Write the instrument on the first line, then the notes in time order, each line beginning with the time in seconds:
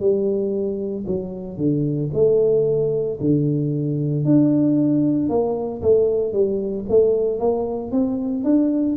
tuba
0.00 G3
1.07 F#3
1.57 D3
2.14 A3
3.21 D3
4.25 D4
5.29 A#3
5.82 A3
6.33 G3
6.89 A3
7.39 A#3
7.92 C4
8.44 D4